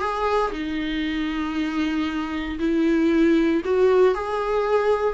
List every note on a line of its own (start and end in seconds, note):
0.00 0.52 G#4
0.52 2.59 D#4
2.59 3.63 E4
3.65 4.15 F#4
4.15 5.14 G#4